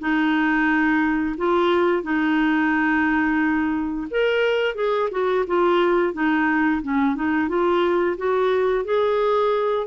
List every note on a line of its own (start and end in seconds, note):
0.00 1.36 D#4
1.38 2.03 F4
2.03 4.08 D#4
4.11 4.75 A#4
4.75 5.10 G#4
5.11 5.45 F#4
5.47 6.14 F4
6.14 6.82 D#4
6.82 7.16 C#4
7.16 7.49 D#4
7.49 8.17 F4
8.18 8.85 F#4
8.85 9.87 G#4